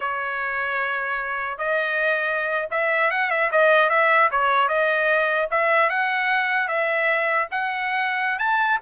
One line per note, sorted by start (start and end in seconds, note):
0.00 1.57 C#5
1.57 2.67 D#5
2.70 3.10 E5
3.10 3.30 F#5
3.30 3.50 E5
3.51 3.89 D#5
3.89 4.29 E5
4.31 4.68 C#5
4.68 5.48 D#5
5.51 5.89 E5
5.89 6.67 F#5
6.67 7.47 E5
7.51 8.39 F#5
8.39 8.79 A5